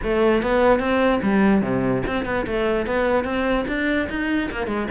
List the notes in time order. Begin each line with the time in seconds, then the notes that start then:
0.03 A3
0.42 B3
0.79 C4
1.22 G3
1.61 C3
2.06 C4
2.25 B3
2.47 A3
2.86 B3
3.24 C4
3.67 D4
4.09 D#4
4.51 A#3
4.66 G#3